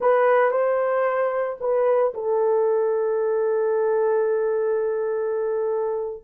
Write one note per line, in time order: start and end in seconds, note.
0.00 0.51 B4
0.51 1.57 C5
1.60 2.13 B4
2.14 6.24 A4